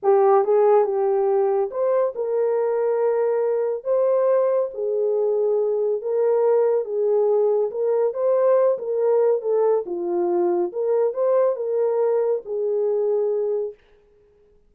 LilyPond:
\new Staff \with { instrumentName = "horn" } { \time 4/4 \tempo 4 = 140 g'4 gis'4 g'2 | c''4 ais'2.~ | ais'4 c''2 gis'4~ | gis'2 ais'2 |
gis'2 ais'4 c''4~ | c''8 ais'4. a'4 f'4~ | f'4 ais'4 c''4 ais'4~ | ais'4 gis'2. | }